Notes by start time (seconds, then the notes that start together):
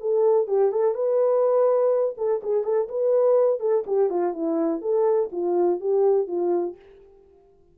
0.00 A4
0.47 G4
0.71 A4
0.94 B4
2.17 A4
2.43 G#4
2.63 A4
2.88 B4
3.60 A4
3.86 G4
4.10 F4
4.33 E4
4.81 A4
5.32 F4
5.80 G4
6.27 F4